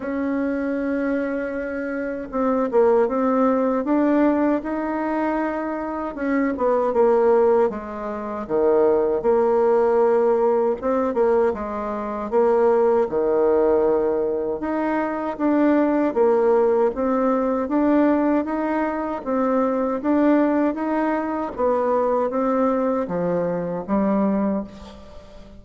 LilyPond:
\new Staff \with { instrumentName = "bassoon" } { \time 4/4 \tempo 4 = 78 cis'2. c'8 ais8 | c'4 d'4 dis'2 | cis'8 b8 ais4 gis4 dis4 | ais2 c'8 ais8 gis4 |
ais4 dis2 dis'4 | d'4 ais4 c'4 d'4 | dis'4 c'4 d'4 dis'4 | b4 c'4 f4 g4 | }